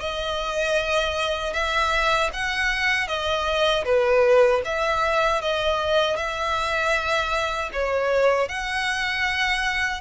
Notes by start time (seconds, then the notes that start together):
0.00 D#5
1.53 E5
2.33 F#5
3.07 D#5
3.85 B4
4.65 E5
5.42 D#5
6.16 E5
7.73 C#5
8.48 F#5